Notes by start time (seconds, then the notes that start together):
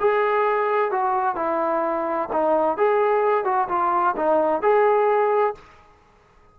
0.00 G#4
0.92 F#4
1.36 E4
2.32 D#4
2.77 G#4
3.45 F#4
3.68 F4
4.16 D#4
4.62 G#4